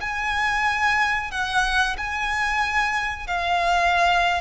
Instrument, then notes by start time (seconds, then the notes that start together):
violin
0.00 G#5
1.31 F#5
1.97 G#5
3.27 F5